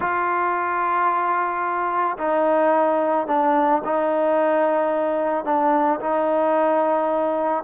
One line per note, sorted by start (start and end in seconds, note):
0.00 2.17 F4
2.18 3.27 D#4
3.27 3.82 D4
3.84 5.44 D#4
5.44 5.99 D4
6.00 7.63 D#4